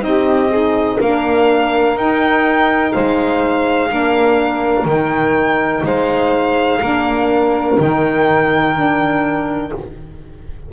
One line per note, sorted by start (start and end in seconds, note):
0.00 0.97 C4
0.00 0.48 D#4
0.00 0.52 G4
0.00 1.00 D#5
0.48 1.00 D#4
0.48 0.96 G#4
1.00 1.95 A#3
1.00 1.97 D4
1.00 2.93 A#4
1.00 1.98 F5
1.95 2.92 D#4
1.95 3.90 D#4
1.95 2.92 G5
2.92 3.92 G#3
2.92 3.89 C5
2.92 4.86 F5
3.90 4.85 A#3
3.90 4.87 D4
3.90 5.84 A#4
4.85 5.81 D#3
4.85 6.81 D#4
4.85 5.85 G5
5.84 6.80 G#3
5.84 6.80 C5
5.84 7.79 F5
6.80 7.78 A#3
6.80 7.77 D4
6.80 9.70 A#4
7.77 9.72 D#3
7.77 8.74 D#4
7.77 9.72 G5
8.75 9.71 D4